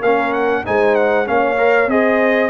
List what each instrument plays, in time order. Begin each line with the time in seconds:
0.00 tuba A#3, trombone C#4, horn A#4, trumpet F5
0.33 trumpet F#5
0.65 tuba G#3, trombone D#4, horn C5, trumpet G#5
0.96 trumpet F#5
1.26 tuba A#3, trombone C#4, horn C#5, trumpet F5
1.58 trombone A#4
1.87 tuba C4, trombone G#4, horn C5, trumpet D#5